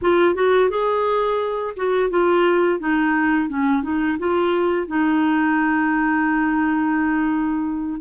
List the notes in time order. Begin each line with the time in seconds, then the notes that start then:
0.01 F4
0.34 F#4
0.69 G#4
1.76 F#4
2.09 F4
2.79 D#4
3.49 C#4
3.82 D#4
4.19 F4
4.87 D#4